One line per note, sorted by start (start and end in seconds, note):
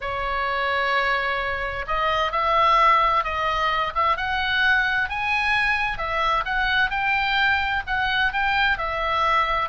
0.01 1.85 C#5
1.87 2.32 D#5
2.32 3.23 E5
3.23 3.93 D#5
3.95 4.16 E5
4.16 5.09 F#5
5.09 5.98 G#5
5.98 6.44 E5
6.45 6.90 F#5
6.90 7.82 G5
7.86 8.32 F#5
8.32 8.78 G5
8.78 9.69 E5